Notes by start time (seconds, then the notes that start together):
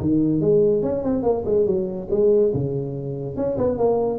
0.00 D#3
0.40 G#3
0.82 C#4
1.03 C4
1.23 A#3
1.45 G#3
1.66 F#3
2.10 G#3
2.54 C#3
3.36 C#4
3.57 B3
3.77 A#3